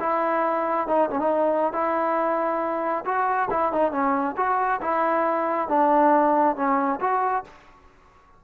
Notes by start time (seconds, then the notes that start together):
0.00 E4
0.87 D#4
1.10 C#4
1.19 D#4
1.73 E4
3.05 F#4
3.50 E4
3.72 D#4
3.92 C#4
4.37 F#4
4.81 E4
5.68 D4
6.56 C#4
7.00 F#4